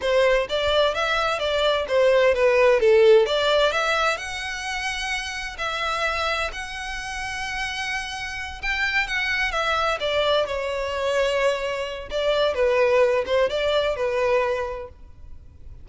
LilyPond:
\new Staff \with { instrumentName = "violin" } { \time 4/4 \tempo 4 = 129 c''4 d''4 e''4 d''4 | c''4 b'4 a'4 d''4 | e''4 fis''2. | e''2 fis''2~ |
fis''2~ fis''8 g''4 fis''8~ | fis''8 e''4 d''4 cis''4.~ | cis''2 d''4 b'4~ | b'8 c''8 d''4 b'2 | }